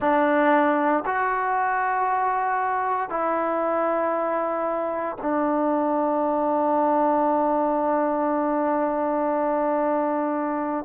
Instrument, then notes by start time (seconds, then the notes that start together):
trombone
0.00 D4
1.05 F#4
3.09 E4
5.21 D4